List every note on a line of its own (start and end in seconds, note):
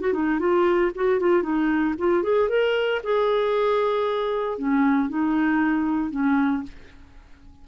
0.00 0.13 F#4
0.13 0.39 D#4
0.39 0.91 F4
0.95 1.20 F#4
1.20 1.42 F4
1.42 1.94 D#4
1.98 2.23 F4
2.23 2.49 G#4
2.49 3.01 A#4
3.03 4.58 G#4
4.58 5.09 C#4
5.09 6.10 D#4
6.10 6.63 C#4